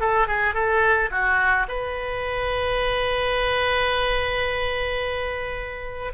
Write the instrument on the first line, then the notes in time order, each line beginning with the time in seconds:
oboe
0.00 A4
0.27 G#4
0.54 A4
1.11 F#4
1.68 B4